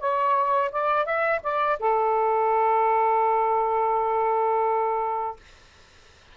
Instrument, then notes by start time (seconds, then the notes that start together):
saxophone
0.00 C#5
0.72 D5
1.06 E5
1.43 D5
1.80 A4